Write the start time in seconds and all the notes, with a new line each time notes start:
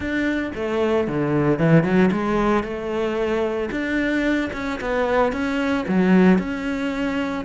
0.00 D4
0.55 A3
1.07 D3
1.58 E3
1.83 F#3
2.11 G#3
2.63 A3
3.71 D4
4.53 C#4
4.81 B3
5.32 C#4
5.88 F#3
6.38 C#4